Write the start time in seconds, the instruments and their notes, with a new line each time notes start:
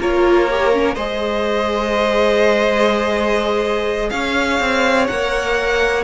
0.00 cello A#3, viola F4, violin A#4 C#5
0.50 viola G4
0.73 viola C#4
0.95 cello G#3, viola G#4, violin C5 D#5
4.10 cello C#4, violin C#5 F5
4.60 cello C4
5.07 cello A#3, viola A#4, violin F#5